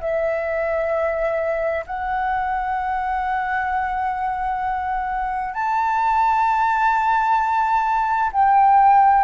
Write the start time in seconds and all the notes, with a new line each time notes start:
0.00 E5
1.86 F#5
5.53 A5
8.32 G5